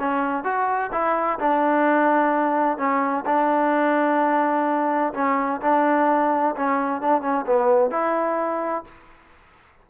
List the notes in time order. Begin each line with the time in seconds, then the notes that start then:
0.00 C#4
0.45 F#4
0.92 E4
1.40 D4
2.78 C#4
3.26 D4
5.14 C#4
5.62 D4
6.56 C#4
7.02 D4
7.22 C#4
7.47 B3
7.91 E4